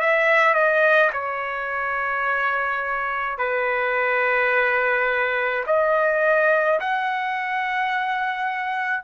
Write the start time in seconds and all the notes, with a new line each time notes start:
0.00 E5
0.54 D#5
1.13 C#5
3.39 B4
5.67 D#5
6.80 F#5